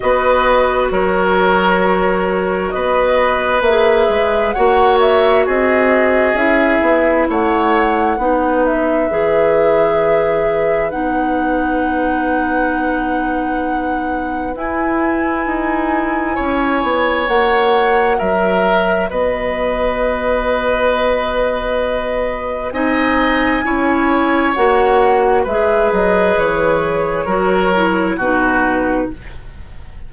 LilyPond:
<<
  \new Staff \with { instrumentName = "flute" } { \time 4/4 \tempo 4 = 66 dis''4 cis''2 dis''4 | e''4 fis''8 e''8 dis''4 e''4 | fis''4. e''2~ e''8 | fis''1 |
gis''2. fis''4 | e''4 dis''2.~ | dis''4 gis''2 fis''4 | e''8 dis''8 cis''2 b'4 | }
  \new Staff \with { instrumentName = "oboe" } { \time 4/4 b'4 ais'2 b'4~ | b'4 cis''4 gis'2 | cis''4 b'2.~ | b'1~ |
b'2 cis''2 | ais'4 b'2.~ | b'4 dis''4 cis''2 | b'2 ais'4 fis'4 | }
  \new Staff \with { instrumentName = "clarinet" } { \time 4/4 fis'1 | gis'4 fis'2 e'4~ | e'4 dis'4 gis'2 | dis'1 |
e'2. fis'4~ | fis'1~ | fis'4 dis'4 e'4 fis'4 | gis'2 fis'8 e'8 dis'4 | }
  \new Staff \with { instrumentName = "bassoon" } { \time 4/4 b4 fis2 b4 | ais8 gis8 ais4 c'4 cis'8 b8 | a4 b4 e2 | b1 |
e'4 dis'4 cis'8 b8 ais4 | fis4 b2.~ | b4 c'4 cis'4 ais4 | gis8 fis8 e4 fis4 b,4 | }
>>